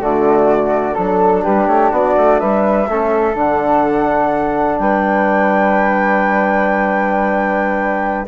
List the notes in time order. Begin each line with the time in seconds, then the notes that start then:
0.00 D3 A3 F#4 D5
0.93 F#3 D4 A4
1.43 G3 G4 B4
1.66 A3 C#5
1.91 B3 F#4 D5
2.17 A3
2.39 G3 B4 E5
2.87 A3 C#4 A4
3.34 D3 D4 F#5
4.78 G3 B4 G5